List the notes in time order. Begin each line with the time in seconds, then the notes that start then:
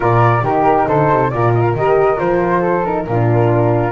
0.00 A#2 F4 A#4 D5
0.42 D#3 D#4 G4 A#4
0.87 D3 A4 C5
1.11 C3
1.30 A#2 F4 A#4 D5
1.53 D#5
1.61 F5
1.74 D#3 G4 D#5
2.16 F3 F4 C5
2.60 A4
2.85 D#4 A#4
3.06 A#2 D4 F4